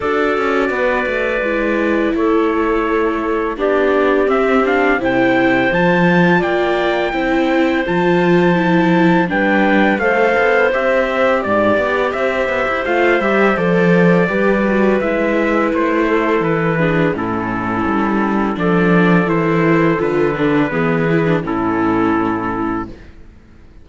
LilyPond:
<<
  \new Staff \with { instrumentName = "trumpet" } { \time 4/4 \tempo 4 = 84 d''2. cis''4~ | cis''4 d''4 e''8 f''8 g''4 | a''4 g''2 a''4~ | a''4 g''4 f''4 e''4 |
d''4 e''4 f''8 e''8 d''4~ | d''4 e''4 c''4 b'4 | a'2 d''4 c''4 | b'2 a'2 | }
  \new Staff \with { instrumentName = "clarinet" } { \time 4/4 a'4 b'2 a'4~ | a'4 g'2 c''4~ | c''4 d''4 c''2~ | c''4 b'4 c''2 |
d''4 c''2. | b'2~ b'8 a'4 gis'8 | e'2 a'2~ | a'4 gis'4 e'2 | }
  \new Staff \with { instrumentName = "viola" } { \time 4/4 fis'2 e'2~ | e'4 d'4 c'8 d'8 e'4 | f'2 e'4 f'4 | e'4 d'4 a'4 g'4~ |
g'2 f'8 g'8 a'4 | g'8 fis'8 e'2~ e'8 d'8 | cis'2 d'4 e'4 | f'8 d'8 b8 e'16 d'16 cis'2 | }
  \new Staff \with { instrumentName = "cello" } { \time 4/4 d'8 cis'8 b8 a8 gis4 a4~ | a4 b4 c'4 c4 | f4 ais4 c'4 f4~ | f4 g4 a8 b8 c'4 |
gis,8 b8 c'8 b16 e'16 a8 g8 f4 | g4 gis4 a4 e4 | a,4 g4 f4 e4 | d4 e4 a,2 | }
>>